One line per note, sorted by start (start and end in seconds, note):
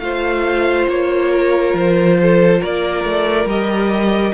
0.00 0.87 A3
0.00 3.49 F4
0.00 1.31 C5
0.00 0.87 F5
0.89 1.74 A#3
0.89 1.77 C#5
1.31 2.18 A#4
1.74 2.61 F3
1.74 2.62 C5
2.22 2.61 A4
2.61 3.05 A#3
2.61 4.35 A#4
2.61 3.49 D5
3.05 3.46 A3
3.46 4.33 G3
3.46 4.35 G4
3.46 4.35 D#5